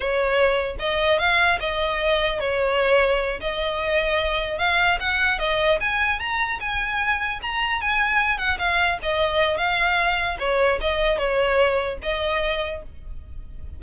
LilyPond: \new Staff \with { instrumentName = "violin" } { \time 4/4 \tempo 4 = 150 cis''2 dis''4 f''4 | dis''2 cis''2~ | cis''8 dis''2. f''8~ | f''8 fis''4 dis''4 gis''4 ais''8~ |
ais''8 gis''2 ais''4 gis''8~ | gis''4 fis''8 f''4 dis''4. | f''2 cis''4 dis''4 | cis''2 dis''2 | }